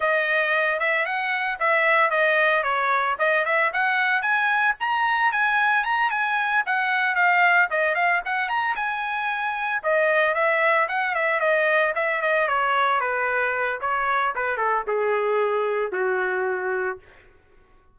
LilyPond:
\new Staff \with { instrumentName = "trumpet" } { \time 4/4 \tempo 4 = 113 dis''4. e''8 fis''4 e''4 | dis''4 cis''4 dis''8 e''8 fis''4 | gis''4 ais''4 gis''4 ais''8 gis''8~ | gis''8 fis''4 f''4 dis''8 f''8 fis''8 |
ais''8 gis''2 dis''4 e''8~ | e''8 fis''8 e''8 dis''4 e''8 dis''8 cis''8~ | cis''8 b'4. cis''4 b'8 a'8 | gis'2 fis'2 | }